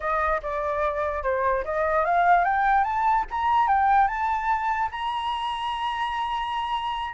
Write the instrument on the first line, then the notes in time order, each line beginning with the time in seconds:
flute
0.00 D#5
0.42 D5
1.23 C5
1.64 D#5
2.04 F5
2.44 G5
2.84 A5
3.30 A#5
3.67 G5
4.07 A5
4.91 A#5